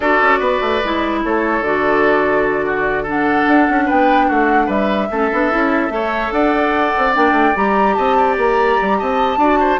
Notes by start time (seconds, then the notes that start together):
0.00 D4 F#4 A4 D5
0.22 C#4
0.39 B3 B4
0.60 A3
0.83 G#3 E4
1.24 A3 A4 C#5
1.60 D3 F#4 D5
2.65 F#4
3.03 D4 A4 F#5
3.47 D4
3.69 C#4
3.86 B3 B4 G5
4.27 A3 F#4 F#5
4.66 G3 B4 E5
5.10 A3 C#4 A4
5.31 B3 D4
5.50 C#4 E4
5.89 A3 A4 C#5
6.32 D4 D5 F#5
6.97 C4
7.14 A#3 D4 G5
7.31 A3
7.55 G3 G4 A#5
7.95 C4 D#5 A5
8.17 D5
8.37 A#3 A#5
8.81 G3
8.98 C4 D#5 A5
9.36 D4 F#4 D5
9.59 C5